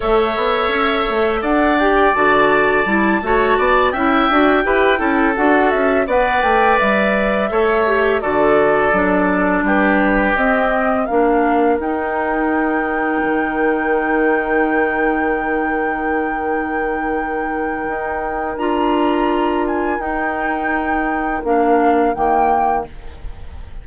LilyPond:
<<
  \new Staff \with { instrumentName = "flute" } { \time 4/4 \tempo 4 = 84 e''2 fis''8 g''8 a''4~ | a''4. g''2 fis''8 | e''8 fis''8 g''8 e''2 d''8~ | d''4. b'4 dis''4 f''8~ |
f''8 g''2.~ g''8~ | g''1~ | g''2 ais''4. gis''8 | g''2 f''4 g''4 | }
  \new Staff \with { instrumentName = "oboe" } { \time 4/4 cis''2 d''2~ | d''8 cis''8 d''8 e''4 b'8 a'4~ | a'8 d''2 cis''4 a'8~ | a'4. g'2 ais'8~ |
ais'1~ | ais'1~ | ais'1~ | ais'1 | }
  \new Staff \with { instrumentName = "clarinet" } { \time 4/4 a'2~ a'8 g'8 fis'4 | e'8 fis'4 e'8 fis'8 g'8 e'8 fis'8~ | fis'8 b'2 a'8 g'8 fis'8~ | fis'8 d'2 c'4 d'8~ |
d'8 dis'2.~ dis'8~ | dis'1~ | dis'2 f'2 | dis'2 d'4 ais4 | }
  \new Staff \with { instrumentName = "bassoon" } { \time 4/4 a8 b8 cis'8 a8 d'4 d4 | g8 a8 b8 cis'8 d'8 e'8 cis'8 d'8 | cis'8 b8 a8 g4 a4 d8~ | d8 fis4 g4 c'4 ais8~ |
ais8 dis'2 dis4.~ | dis1~ | dis4 dis'4 d'2 | dis'2 ais4 dis4 | }
>>